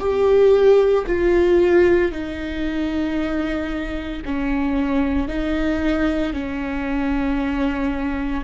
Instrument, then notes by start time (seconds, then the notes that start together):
viola
0.00 G4
1.07 F4
2.12 D#4
4.25 C#4
5.29 D#4
6.34 C#4